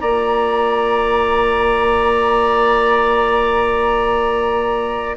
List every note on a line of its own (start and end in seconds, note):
0.00 5.17 A#3
0.00 5.17 F4
0.00 5.17 D5
0.00 5.16 A#5